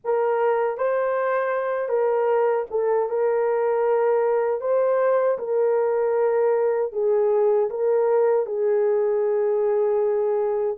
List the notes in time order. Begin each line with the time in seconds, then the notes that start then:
0.04 A#4
0.77 C5
1.88 A#4
2.70 A4
3.09 A#4
4.60 C5
5.38 A#4
6.92 G#4
7.70 A#4
8.46 G#4